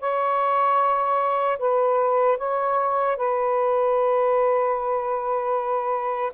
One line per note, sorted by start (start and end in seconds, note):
0.00 1.58 C#5
1.59 2.38 B4
2.38 3.17 C#5
3.17 6.33 B4